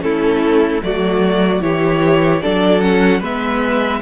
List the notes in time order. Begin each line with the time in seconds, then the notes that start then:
0.00 A3 C#4 E4 A4
0.82 F#3 A3 F#4 D5
1.60 E3 E4 G4 C#5
2.42 F#3 D4 A4 D5
2.80 C#4 F#5
3.19 G#3 B3 B4 E5